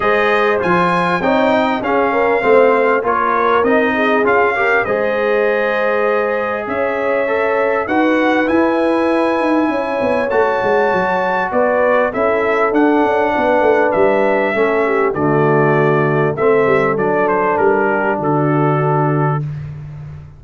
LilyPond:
<<
  \new Staff \with { instrumentName = "trumpet" } { \time 4/4 \tempo 4 = 99 dis''4 gis''4 g''4 f''4~ | f''4 cis''4 dis''4 f''4 | dis''2. e''4~ | e''4 fis''4 gis''2~ |
gis''4 a''2 d''4 | e''4 fis''2 e''4~ | e''4 d''2 e''4 | d''8 c''8 ais'4 a'2 | }
  \new Staff \with { instrumentName = "horn" } { \time 4/4 c''2 cis''8 dis''8 gis'8 ais'8 | c''4 ais'4. gis'4 ais'8 | c''2. cis''4~ | cis''4 b'2. |
cis''2. b'4 | a'2 b'2 | a'8 g'8 fis'2 a'4~ | a'4. g'8 fis'2 | }
  \new Staff \with { instrumentName = "trombone" } { \time 4/4 gis'4 f'4 dis'4 cis'4 | c'4 f'4 dis'4 f'8 g'8 | gis'1 | a'4 fis'4 e'2~ |
e'4 fis'2. | e'4 d'2. | cis'4 a2 c'4 | d'1 | }
  \new Staff \with { instrumentName = "tuba" } { \time 4/4 gis4 f4 c'4 cis'4 | a4 ais4 c'4 cis'4 | gis2. cis'4~ | cis'4 dis'4 e'4. dis'8 |
cis'8 b8 a8 gis8 fis4 b4 | cis'4 d'8 cis'8 b8 a8 g4 | a4 d2 a8 g8 | fis4 g4 d2 | }
>>